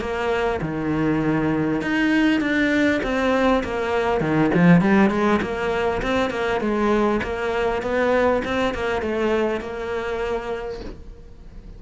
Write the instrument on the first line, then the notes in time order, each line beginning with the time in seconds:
cello
0.00 A#3
0.61 D#3
1.81 D#4
2.40 D4
3.03 C4
3.64 A#3
4.21 D#3
4.54 F3
4.81 G3
5.10 G#3
5.42 A#3
6.02 C4
6.30 A#3
6.61 G#3
7.23 A#3
7.82 B3
8.45 C4
8.74 A#3
9.02 A3
9.60 A#3